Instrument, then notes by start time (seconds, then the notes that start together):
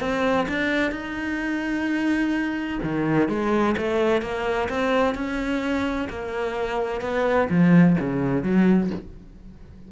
cello
0.00 C4
0.48 D4
0.91 D#4
2.83 D#3
3.28 G#3
3.77 A3
4.21 A#3
4.69 C4
5.14 C#4
6.09 A#3
7.01 B3
7.49 F3
8.00 C#3
8.43 F#3